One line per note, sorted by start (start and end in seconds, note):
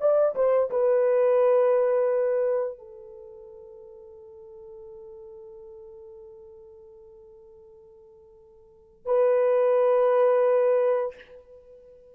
0.00 0.35 D5
0.35 0.70 C5
0.70 2.78 B4
2.78 9.06 A4
9.06 11.15 B4